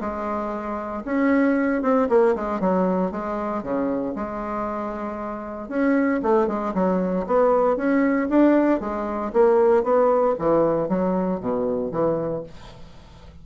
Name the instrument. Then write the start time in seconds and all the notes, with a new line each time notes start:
bassoon
0.00 G#3
1.05 C#4
1.82 C4
2.09 A#3
2.35 G#3
2.60 F#3
3.12 G#3
3.63 C#3
4.15 G#3
5.69 C#4
6.23 A3
6.47 G#3
6.74 F#3
7.26 B3
7.77 C#4
8.29 D4
8.80 G#3
9.33 A#3
9.83 B3
10.38 E3
10.89 F#3
11.40 B2
11.92 E3